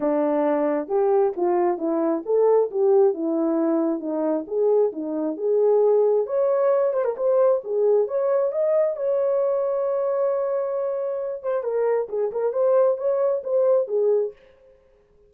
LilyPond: \new Staff \with { instrumentName = "horn" } { \time 4/4 \tempo 4 = 134 d'2 g'4 f'4 | e'4 a'4 g'4 e'4~ | e'4 dis'4 gis'4 dis'4 | gis'2 cis''4. c''16 ais'16 |
c''4 gis'4 cis''4 dis''4 | cis''1~ | cis''4. c''8 ais'4 gis'8 ais'8 | c''4 cis''4 c''4 gis'4 | }